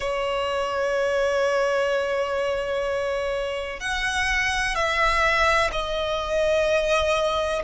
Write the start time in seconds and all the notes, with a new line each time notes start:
0.00 C#5
3.80 F#5
4.74 E5
5.71 D#5